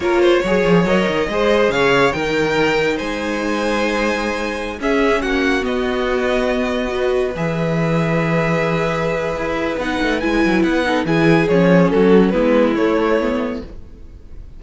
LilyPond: <<
  \new Staff \with { instrumentName = "violin" } { \time 4/4 \tempo 4 = 141 cis''2 dis''2 | f''4 g''2 gis''4~ | gis''2.~ gis''16 e''8.~ | e''16 fis''4 dis''2~ dis''8.~ |
dis''4~ dis''16 e''2~ e''8.~ | e''2. fis''4 | gis''4 fis''4 gis''4 cis''4 | a'4 b'4 cis''2 | }
  \new Staff \with { instrumentName = "violin" } { \time 4/4 ais'8 c''8 cis''2 c''4 | cis''4 ais'2 c''4~ | c''2.~ c''16 gis'8.~ | gis'16 fis'2.~ fis'8.~ |
fis'16 b'2.~ b'8.~ | b'1~ | b'4. a'8 gis'2 | fis'4 e'2. | }
  \new Staff \with { instrumentName = "viola" } { \time 4/4 f'4 gis'4 ais'4 gis'4~ | gis'4 dis'2.~ | dis'2.~ dis'16 cis'8.~ | cis'4~ cis'16 b2~ b8.~ |
b16 fis'4 gis'2~ gis'8.~ | gis'2. dis'4 | e'4. dis'8 e'4 cis'4~ | cis'4 b4 a4 b4 | }
  \new Staff \with { instrumentName = "cello" } { \time 4/4 ais4 fis8 f8 fis8 dis8 gis4 | cis4 dis2 gis4~ | gis2.~ gis16 cis'8.~ | cis'16 ais4 b2~ b8.~ |
b4~ b16 e2~ e8.~ | e2 e'4 b8 a8 | gis8 fis8 b4 e4 f4 | fis4 gis4 a2 | }
>>